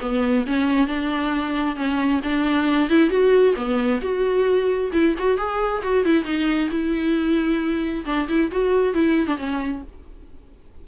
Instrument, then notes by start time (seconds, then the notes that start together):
viola
0.00 B3
0.46 C#4
0.87 D4
1.75 C#4
2.23 D4
2.89 E4
3.09 F#4
3.56 B3
4.01 F#4
4.92 E4
5.18 F#4
5.37 G#4
5.82 F#4
6.05 E4
6.24 D#4
6.70 E4
8.05 D4
8.28 E4
8.51 F#4
8.93 E4
9.27 D4
9.37 C#4